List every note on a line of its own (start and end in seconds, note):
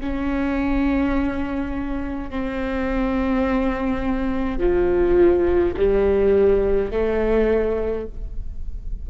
0.00 2.30 C#4
2.30 4.58 C4
4.58 5.74 F3
5.76 6.91 G3
6.91 8.07 A3